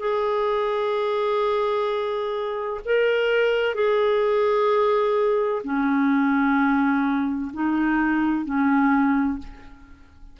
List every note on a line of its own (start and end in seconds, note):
0.00 2.81 G#4
2.86 3.75 A#4
3.75 5.63 G#4
5.64 7.52 C#4
7.54 8.45 D#4
8.45 9.39 C#4